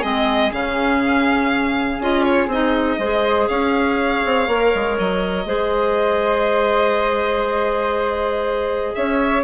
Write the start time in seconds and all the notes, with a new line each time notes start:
0.00 G#3 C4 G#4 D#5
0.51 C#3 C#4 F5
2.00 C#4 F4 D#5
2.23 C#5
2.47 C4 D#4 D#5
2.99 G#3 G#4 C5
3.48 C#4 C#5 F5
4.25 C4
4.47 A#3 A#4
4.75 G#3
4.99 F#3 D#5
5.46 G#3 G#4 C5
8.95 C#4 C#5 E5